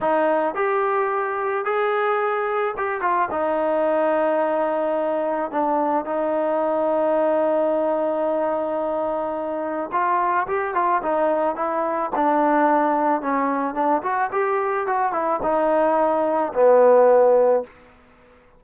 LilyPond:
\new Staff \with { instrumentName = "trombone" } { \time 4/4 \tempo 4 = 109 dis'4 g'2 gis'4~ | gis'4 g'8 f'8 dis'2~ | dis'2 d'4 dis'4~ | dis'1~ |
dis'2 f'4 g'8 f'8 | dis'4 e'4 d'2 | cis'4 d'8 fis'8 g'4 fis'8 e'8 | dis'2 b2 | }